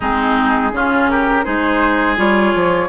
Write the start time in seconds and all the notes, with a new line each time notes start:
0.00 G#3 C4 D#4 G#4
0.72 C#3 C#4 F4
1.09 G4 A#4
1.44 G#3 D#4 G#4 C5
2.16 G3 F4 C#5
2.54 F3